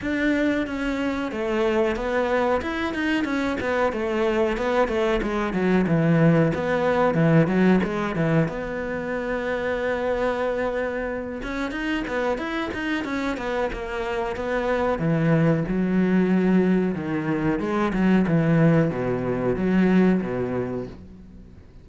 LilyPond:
\new Staff \with { instrumentName = "cello" } { \time 4/4 \tempo 4 = 92 d'4 cis'4 a4 b4 | e'8 dis'8 cis'8 b8 a4 b8 a8 | gis8 fis8 e4 b4 e8 fis8 | gis8 e8 b2.~ |
b4. cis'8 dis'8 b8 e'8 dis'8 | cis'8 b8 ais4 b4 e4 | fis2 dis4 gis8 fis8 | e4 b,4 fis4 b,4 | }